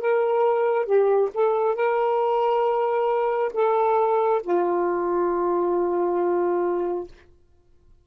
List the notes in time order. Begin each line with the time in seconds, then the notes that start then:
0.00 A#4
0.85 G4
1.34 A4
1.75 A#4
3.53 A4
4.43 F4